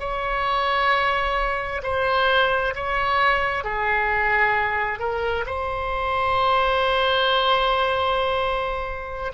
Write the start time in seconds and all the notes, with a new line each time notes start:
0.00 C#5
1.83 C5
2.76 C#5
3.64 G#4
4.99 A#4
5.46 C5